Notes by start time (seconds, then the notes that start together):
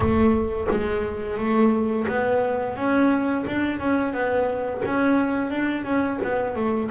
0.00 A3
0.71 G#3
1.37 A3
2.07 B3
2.76 C#4
3.46 D4
3.79 C#4
4.13 B3
4.85 C#4
5.50 D4
5.84 C#4
6.23 B3
6.55 A3